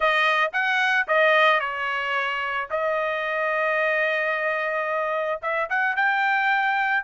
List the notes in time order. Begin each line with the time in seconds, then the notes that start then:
0.00 D#5
0.52 F#5
1.07 D#5
1.60 C#5
2.70 D#5
5.42 E5
5.69 F#5
5.96 G5